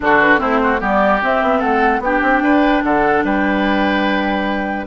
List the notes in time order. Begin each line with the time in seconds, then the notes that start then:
0.00 D3 D4 F#4 A4
0.20 B4
0.37 A3 C4 E4 C5
0.63 F#4
0.79 G3 B3 G4 D5
1.21 C4 E5
1.42 B3
1.59 A3 A4 F#5
1.99 B3 D4 G4 G5
2.22 C4
2.41 D4 B4
2.83 D3 A4 F#5
3.23 G3 B4 G5